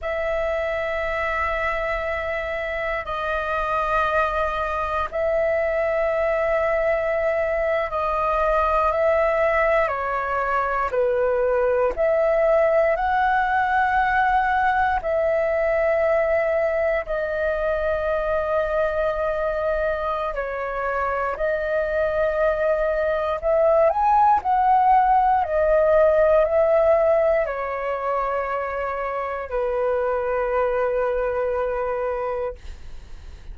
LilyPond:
\new Staff \with { instrumentName = "flute" } { \time 4/4 \tempo 4 = 59 e''2. dis''4~ | dis''4 e''2~ e''8. dis''16~ | dis''8. e''4 cis''4 b'4 e''16~ | e''8. fis''2 e''4~ e''16~ |
e''8. dis''2.~ dis''16 | cis''4 dis''2 e''8 gis''8 | fis''4 dis''4 e''4 cis''4~ | cis''4 b'2. | }